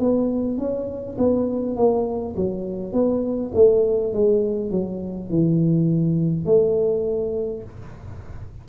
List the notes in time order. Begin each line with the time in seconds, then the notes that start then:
0.00 B3
0.58 C#4
1.18 B3
1.76 A#3
2.36 F#3
2.93 B3
3.55 A3
4.13 G#3
4.71 F#3
5.30 E3
6.46 A3